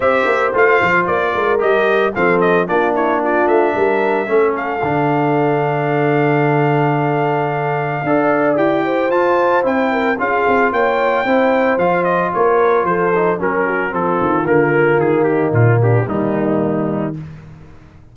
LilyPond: <<
  \new Staff \with { instrumentName = "trumpet" } { \time 4/4 \tempo 4 = 112 e''4 f''4 d''4 dis''4 | f''8 dis''8 d''8 cis''8 d''8 e''4.~ | e''8 f''2.~ f''8~ | f''1 |
g''4 a''4 g''4 f''4 | g''2 f''8 dis''8 cis''4 | c''4 ais'4 a'4 ais'4 | gis'8 g'8 f'8 g'8 dis'2 | }
  \new Staff \with { instrumentName = "horn" } { \time 4/4 c''2~ c''8 ais'4. | a'4 f'8 e'8 f'4 ais'4 | a'1~ | a'2. d''4~ |
d''8 c''2 ais'8 gis'4 | cis''4 c''2 ais'4 | a'4 ais'8 fis'8 f'2~ | f'8 dis'4 d'8 ais2 | }
  \new Staff \with { instrumentName = "trombone" } { \time 4/4 g'4 f'2 g'4 | c'4 d'2. | cis'4 d'2.~ | d'2. a'4 |
g'4 f'4 e'4 f'4~ | f'4 e'4 f'2~ | f'8 dis'8 cis'4 c'4 ais4~ | ais2 g2 | }
  \new Staff \with { instrumentName = "tuba" } { \time 4/4 c'8 ais8 a8 f8 ais8 gis8 g4 | f4 ais4. a8 g4 | a4 d2.~ | d2. d'4 |
e'4 f'4 c'4 cis'8 c'8 | ais4 c'4 f4 ais4 | f4 fis4 f8 dis8 d4 | dis4 ais,4 dis2 | }
>>